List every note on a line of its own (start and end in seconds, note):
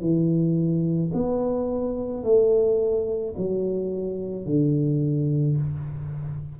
0.00 1.11 E3
1.13 2.23 B3
2.23 3.34 A3
3.37 4.45 F#3
4.45 5.57 D3